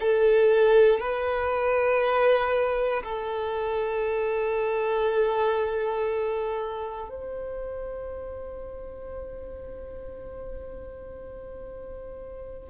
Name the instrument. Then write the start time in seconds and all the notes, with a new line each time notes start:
violin
0.00 A4
1.00 B4
3.03 A4
7.10 C5